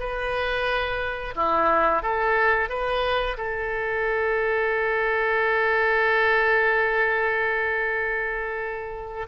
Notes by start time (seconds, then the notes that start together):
0.00 B4
1.36 E4
2.03 A4
2.70 B4
3.37 A4